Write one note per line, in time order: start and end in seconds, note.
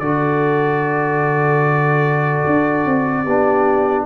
0.00 2.44 D3
0.00 3.26 F#4
0.00 3.24 A4
0.00 4.05 D5
2.47 2.86 D4
2.86 3.26 C4
3.24 4.07 B3
3.24 4.07 D4
3.24 4.05 G4